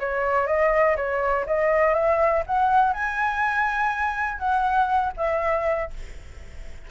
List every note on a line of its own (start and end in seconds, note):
0.00 0.47 C#5
0.47 0.97 D#5
0.97 1.46 C#5
1.47 1.94 D#5
1.94 2.43 E5
2.47 2.94 F#5
2.94 4.39 G#5
4.39 5.13 F#5
5.17 5.91 E5